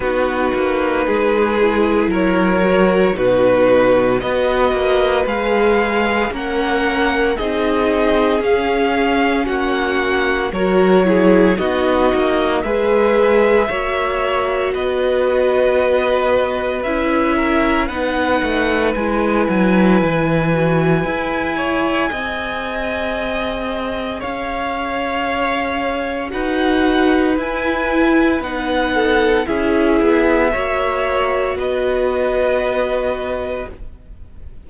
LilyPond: <<
  \new Staff \with { instrumentName = "violin" } { \time 4/4 \tempo 4 = 57 b'2 cis''4 b'4 | dis''4 f''4 fis''4 dis''4 | f''4 fis''4 cis''4 dis''4 | e''2 dis''2 |
e''4 fis''4 gis''2~ | gis''2. f''4~ | f''4 fis''4 gis''4 fis''4 | e''2 dis''2 | }
  \new Staff \with { instrumentName = "violin" } { \time 4/4 fis'4 gis'4 ais'4 fis'4 | b'2 ais'4 gis'4~ | gis'4 fis'4 ais'8 gis'8 fis'4 | b'4 cis''4 b'2~ |
b'8 ais'8 b'2.~ | b'8 cis''8 dis''2 cis''4~ | cis''4 b'2~ b'8 a'8 | gis'4 cis''4 b'2 | }
  \new Staff \with { instrumentName = "viola" } { \time 4/4 dis'4. e'4 fis'8 dis'4 | fis'4 gis'4 cis'4 dis'4 | cis'2 fis'8 e'8 dis'4 | gis'4 fis'2. |
e'4 dis'4 e'4. fis'8 | gis'1~ | gis'4 fis'4 e'4 dis'4 | e'4 fis'2. | }
  \new Staff \with { instrumentName = "cello" } { \time 4/4 b8 ais8 gis4 fis4 b,4 | b8 ais8 gis4 ais4 c'4 | cis'4 ais4 fis4 b8 ais8 | gis4 ais4 b2 |
cis'4 b8 a8 gis8 fis8 e4 | e'4 c'2 cis'4~ | cis'4 dis'4 e'4 b4 | cis'8 b8 ais4 b2 | }
>>